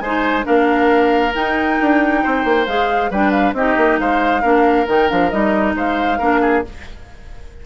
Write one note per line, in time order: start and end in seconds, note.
0.00 0.45 G#3
0.00 0.43 D#4
0.00 0.45 C5
0.00 0.44 G#5
0.43 1.36 A#3
0.43 1.32 D4
0.43 2.22 A#4
0.43 1.34 F5
1.34 2.67 D#4
1.34 1.80 D#4
1.34 2.67 G5
1.80 2.25 D4
2.23 2.44 C4
2.23 3.10 C5
2.44 2.66 A#3
2.67 3.10 G#3
2.67 3.12 G#4
2.67 3.11 F5
3.10 3.53 G3
3.10 3.56 D4
3.10 3.55 B4
3.10 3.31 G5
3.31 3.53 F5
3.53 3.75 C4
3.53 4.42 D#4
3.53 4.00 G4
3.53 3.99 D#5
3.77 3.99 A#3
3.99 4.43 G#3
3.99 4.42 C5
3.99 4.87 F5
4.42 4.87 A#3
4.42 4.87 D4
4.42 5.74 A#4
4.87 5.10 D#3
4.87 5.08 D#4
4.87 5.10 G5
5.08 5.33 F3
5.08 5.30 D4
5.08 5.30 F5
5.30 5.75 G3
5.30 6.20 D#4
5.30 5.75 D#5
5.75 6.19 G#3
5.75 6.18 C5
5.75 6.66 F5
6.18 6.64 A#3
6.18 6.64 D4
6.18 6.40 A#4
6.41 6.63 G#4